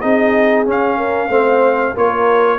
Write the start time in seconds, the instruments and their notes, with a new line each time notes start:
0.00 tuba C4, trombone D#4, horn G#4, trumpet D#5
0.65 trombone C#4, tuba C#4, trumpet F5
0.97 horn A#4
1.28 tuba A3, trombone C4, horn C5
1.93 tuba A#3, trombone F4, horn A#4, trumpet C#5